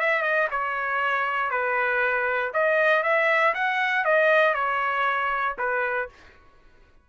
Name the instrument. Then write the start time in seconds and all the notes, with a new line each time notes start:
trumpet
0.00 E5
0.22 D#5
0.51 C#5
1.51 B4
2.54 D#5
3.03 E5
3.54 F#5
4.05 D#5
4.55 C#5
5.59 B4